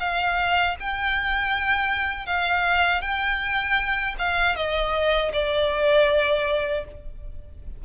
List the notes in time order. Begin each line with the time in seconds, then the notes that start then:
0.00 F5
0.80 G5
2.26 F5
3.02 G5
4.18 F5
4.56 D#5
5.33 D5